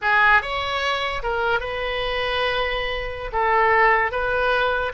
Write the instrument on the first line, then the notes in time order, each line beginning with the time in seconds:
oboe
0.01 G#4
0.42 C#5
1.23 A#4
1.60 B4
3.32 A4
4.11 B4